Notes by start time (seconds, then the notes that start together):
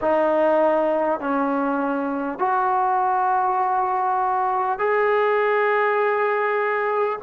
0.01 D#4
1.20 C#4
2.38 F#4
4.78 G#4